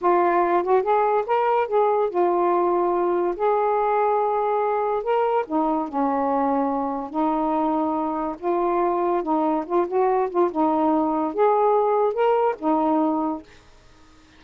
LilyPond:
\new Staff \with { instrumentName = "saxophone" } { \time 4/4 \tempo 4 = 143 f'4. fis'8 gis'4 ais'4 | gis'4 f'2. | gis'1 | ais'4 dis'4 cis'2~ |
cis'4 dis'2. | f'2 dis'4 f'8 fis'8~ | fis'8 f'8 dis'2 gis'4~ | gis'4 ais'4 dis'2 | }